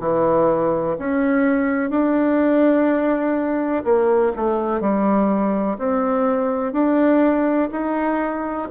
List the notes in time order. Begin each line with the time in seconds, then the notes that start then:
0.00 E3
0.99 C#4
1.90 D4
3.84 A#3
4.36 A3
4.81 G3
5.78 C4
6.73 D4
7.72 D#4